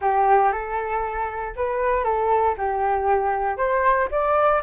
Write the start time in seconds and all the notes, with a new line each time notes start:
0.01 G4
0.52 A4
1.55 B4
2.03 A4
2.57 G4
3.57 C5
4.11 D5